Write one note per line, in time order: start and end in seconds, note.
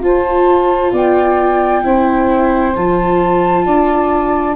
0.00 0.91 F4
0.00 1.84 F4
0.00 0.92 C5
0.00 0.94 A5
0.92 1.84 B3
0.92 1.83 D5
0.92 2.76 G5
1.84 2.75 C4
1.84 2.75 E4
1.84 3.65 C5
2.75 3.66 F3
2.75 4.56 F4
2.75 4.56 A5
3.65 4.56 D4
3.65 4.56 D5